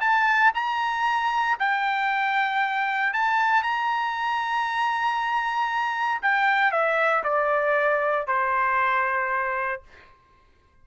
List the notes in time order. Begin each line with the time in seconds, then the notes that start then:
0.00 A5
0.54 A#5
1.59 G5
3.13 A5
3.62 A#5
6.22 G5
6.71 E5
7.23 D5
8.27 C5